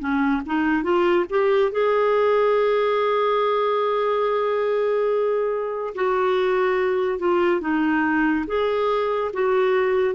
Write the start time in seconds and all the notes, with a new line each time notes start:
0.00 C#4
0.46 D#4
0.83 F4
1.30 G4
1.72 G#4
5.95 F#4
7.19 F4
7.61 D#4
8.47 G#4
9.33 F#4